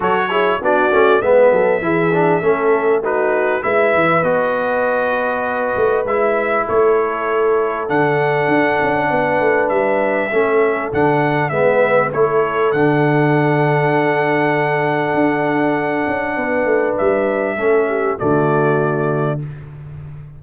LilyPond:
<<
  \new Staff \with { instrumentName = "trumpet" } { \time 4/4 \tempo 4 = 99 cis''4 d''4 e''2~ | e''4 b'4 e''4 dis''4~ | dis''2 e''4 cis''4~ | cis''4 fis''2. |
e''2 fis''4 e''4 | cis''4 fis''2.~ | fis''1 | e''2 d''2 | }
  \new Staff \with { instrumentName = "horn" } { \time 4/4 a'8 gis'8 fis'4 b'8 a'8 gis'4 | a'4 fis'4 b'2~ | b'2. a'4~ | a'2. b'4~ |
b'4 a'2 b'4 | a'1~ | a'2. b'4~ | b'4 a'8 g'8 fis'2 | }
  \new Staff \with { instrumentName = "trombone" } { \time 4/4 fis'8 e'8 d'8 cis'8 b4 e'8 d'8 | cis'4 dis'4 e'4 fis'4~ | fis'2 e'2~ | e'4 d'2.~ |
d'4 cis'4 d'4 b4 | e'4 d'2.~ | d'1~ | d'4 cis'4 a2 | }
  \new Staff \with { instrumentName = "tuba" } { \time 4/4 fis4 b8 a8 gis8 fis8 e4 | a2 gis8 e8 b4~ | b4. a8 gis4 a4~ | a4 d4 d'8 cis'8 b8 a8 |
g4 a4 d4 gis4 | a4 d2.~ | d4 d'4. cis'8 b8 a8 | g4 a4 d2 | }
>>